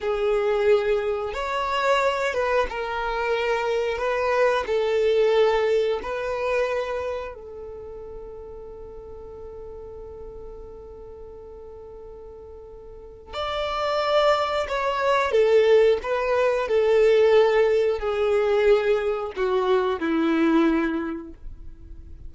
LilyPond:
\new Staff \with { instrumentName = "violin" } { \time 4/4 \tempo 4 = 90 gis'2 cis''4. b'8 | ais'2 b'4 a'4~ | a'4 b'2 a'4~ | a'1~ |
a'1 | d''2 cis''4 a'4 | b'4 a'2 gis'4~ | gis'4 fis'4 e'2 | }